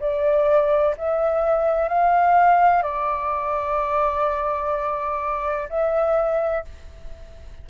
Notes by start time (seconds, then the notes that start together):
0.00 D5
0.98 E5
1.89 F5
2.83 D5
5.69 E5